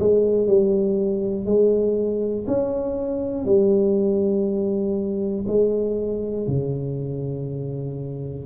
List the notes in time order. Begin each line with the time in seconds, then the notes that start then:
0.00 G#3
0.47 G3
1.46 G#3
2.47 C#4
3.46 G3
5.48 G#3
6.48 C#3